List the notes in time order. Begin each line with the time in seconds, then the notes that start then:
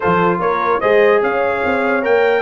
0.00 F3 F4 A4 C5
0.39 A#3 A#4 C#5
0.80 G#3 G#4 C5 D#5
1.22 C#4 C#5 F5
1.65 C4
2.02 A#3 A#4 G5